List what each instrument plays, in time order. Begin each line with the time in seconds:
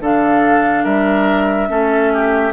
0.00 bassoon D3, clarinet D4, oboe A4, flute F5
0.84 bassoon G3, oboe A#4, flute E5
1.68 bassoon A3, clarinet C#4, oboe A4
2.13 oboe G4